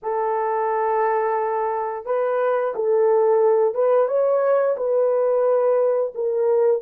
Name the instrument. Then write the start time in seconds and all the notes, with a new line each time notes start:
horn
0.02 A4
2.05 B4
2.75 A4
3.74 B4
4.08 C#5
4.76 B4
6.14 A#4